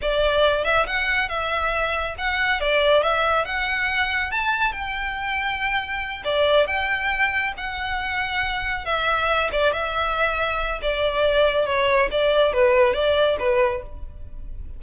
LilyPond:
\new Staff \with { instrumentName = "violin" } { \time 4/4 \tempo 4 = 139 d''4. e''8 fis''4 e''4~ | e''4 fis''4 d''4 e''4 | fis''2 a''4 g''4~ | g''2~ g''8 d''4 g''8~ |
g''4. fis''2~ fis''8~ | fis''8 e''4. d''8 e''4.~ | e''4 d''2 cis''4 | d''4 b'4 d''4 b'4 | }